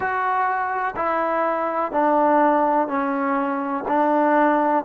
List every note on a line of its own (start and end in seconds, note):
0.00 0.95 F#4
0.95 1.91 E4
1.91 2.87 D4
2.87 3.84 C#4
3.88 4.84 D4